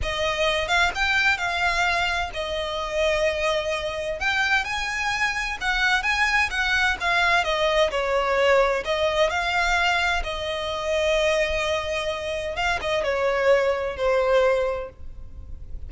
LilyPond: \new Staff \with { instrumentName = "violin" } { \time 4/4 \tempo 4 = 129 dis''4. f''8 g''4 f''4~ | f''4 dis''2.~ | dis''4 g''4 gis''2 | fis''4 gis''4 fis''4 f''4 |
dis''4 cis''2 dis''4 | f''2 dis''2~ | dis''2. f''8 dis''8 | cis''2 c''2 | }